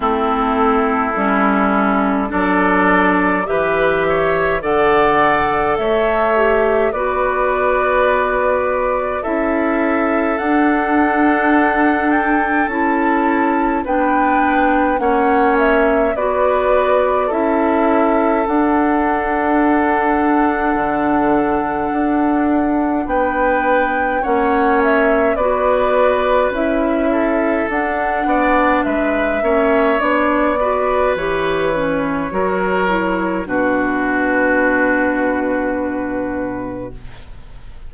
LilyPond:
<<
  \new Staff \with { instrumentName = "flute" } { \time 4/4 \tempo 4 = 52 a'2 d''4 e''4 | fis''4 e''4 d''2 | e''4 fis''4. g''8 a''4 | g''4 fis''8 e''8 d''4 e''4 |
fis''1 | g''4 fis''8 e''8 d''4 e''4 | fis''4 e''4 d''4 cis''4~ | cis''4 b'2. | }
  \new Staff \with { instrumentName = "oboe" } { \time 4/4 e'2 a'4 b'8 cis''8 | d''4 cis''4 b'2 | a'1 | b'4 cis''4 b'4 a'4~ |
a'1 | b'4 cis''4 b'4. a'8~ | a'8 d''8 b'8 cis''4 b'4. | ais'4 fis'2. | }
  \new Staff \with { instrumentName = "clarinet" } { \time 4/4 c'4 cis'4 d'4 g'4 | a'4. g'8 fis'2 | e'4 d'2 e'4 | d'4 cis'4 fis'4 e'4 |
d'1~ | d'4 cis'4 fis'4 e'4 | d'4. cis'8 d'8 fis'8 g'8 cis'8 | fis'8 e'8 d'2. | }
  \new Staff \with { instrumentName = "bassoon" } { \time 4/4 a4 g4 fis4 e4 | d4 a4 b2 | cis'4 d'2 cis'4 | b4 ais4 b4 cis'4 |
d'2 d4 d'4 | b4 ais4 b4 cis'4 | d'8 b8 gis8 ais8 b4 e4 | fis4 b,2. | }
>>